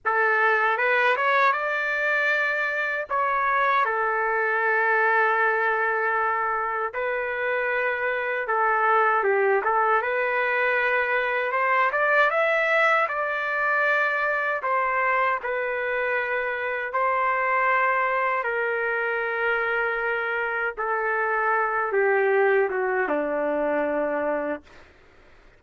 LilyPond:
\new Staff \with { instrumentName = "trumpet" } { \time 4/4 \tempo 4 = 78 a'4 b'8 cis''8 d''2 | cis''4 a'2.~ | a'4 b'2 a'4 | g'8 a'8 b'2 c''8 d''8 |
e''4 d''2 c''4 | b'2 c''2 | ais'2. a'4~ | a'8 g'4 fis'8 d'2 | }